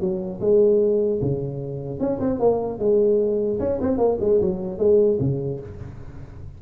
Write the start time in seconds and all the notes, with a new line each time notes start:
0.00 F#3
0.40 G#3
1.21 C#3
2.00 C#4
2.20 C4
2.39 A#3
2.79 G#3
3.59 C#4
3.81 C4
3.98 A#3
4.20 G#3
4.41 F#3
4.78 G#3
5.20 C#3